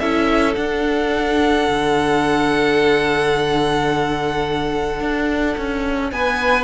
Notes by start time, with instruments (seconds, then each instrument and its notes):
0.00 cello C#4, viola E4, violin A4 E5
0.55 viola D4, cello D4, violin F#5
1.69 cello D3
5.01 cello D4
5.58 cello C#4
6.12 cello B3, violin B4 G#5